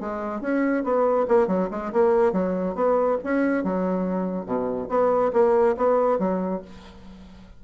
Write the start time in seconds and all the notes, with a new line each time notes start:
0.00 G#3
0.41 C#4
0.84 B3
1.28 A#3
1.47 F#3
1.70 G#3
1.92 A#3
2.32 F#3
2.75 B3
3.23 C#4
3.64 F#3
4.45 B2
4.89 B3
5.33 A#3
5.77 B3
6.19 F#3